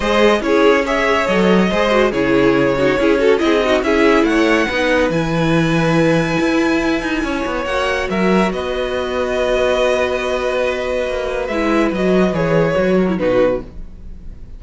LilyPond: <<
  \new Staff \with { instrumentName = "violin" } { \time 4/4 \tempo 4 = 141 dis''4 cis''4 e''4 dis''4~ | dis''4 cis''2. | dis''4 e''4 fis''2 | gis''1~ |
gis''2 fis''4 e''4 | dis''1~ | dis''2. e''4 | dis''4 cis''2 b'4 | }
  \new Staff \with { instrumentName = "violin" } { \time 4/4 c''4 gis'4 cis''2 | c''4 gis'4. fis'8 gis'8 a'8 | gis'8 fis'8 gis'4 cis''4 b'4~ | b'1~ |
b'4 cis''2 ais'4 | b'1~ | b'1~ | b'2~ b'8 ais'8 fis'4 | }
  \new Staff \with { instrumentName = "viola" } { \time 4/4 gis'4 e'4 gis'4 a'4 | gis'8 fis'8 e'4. dis'8 e'8 fis'8 | e'8 dis'8 e'2 dis'4 | e'1~ |
e'2 fis'2~ | fis'1~ | fis'2. e'4 | fis'4 gis'4 fis'8. e'16 dis'4 | }
  \new Staff \with { instrumentName = "cello" } { \time 4/4 gis4 cis'2 fis4 | gis4 cis2 cis'4 | c'4 cis'4 a4 b4 | e2. e'4~ |
e'8 dis'8 cis'8 b8 ais4 fis4 | b1~ | b2 ais4 gis4 | fis4 e4 fis4 b,4 | }
>>